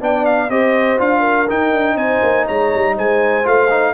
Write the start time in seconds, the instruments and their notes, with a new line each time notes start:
0.00 tuba B3, trombone D4, horn D5, trumpet G5
0.25 trumpet F5
0.49 tuba C4, trombone G4, horn C5, trumpet D#5
0.98 tuba D4, trombone F4, trumpet F5
1.20 horn A#4
1.48 trombone D#4, tuba D#4, trumpet G5
1.73 tuba D4
1.95 tuba C4, horn C5, trumpet G#5
2.22 tuba A#3
2.46 tuba G#3, horn C#5, trumpet A#5
2.74 tuba G3
2.95 tuba G#3, horn C5, trumpet G#5
3.43 tuba A3, trombone F4, trumpet F5
3.70 trombone D#4